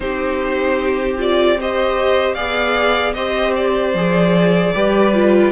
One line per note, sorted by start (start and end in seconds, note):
0.00 2.37 C4
0.00 1.17 D#4
0.00 1.59 G4
0.00 1.18 C5
1.17 1.57 F4
1.17 1.60 D5
1.60 2.36 G4
1.60 2.35 C5
1.60 2.34 D#5
2.34 3.15 B3
2.34 3.15 G#4
2.34 3.14 D5
2.34 3.12 F5
3.13 3.93 C4
3.13 3.95 G4
3.13 4.73 C5
3.13 3.53 D#5
3.56 5.52 D5
3.93 4.72 F3
3.93 4.75 G#4
4.74 5.52 G3
4.74 5.13 G4
4.74 5.52 B4
5.13 5.52 F4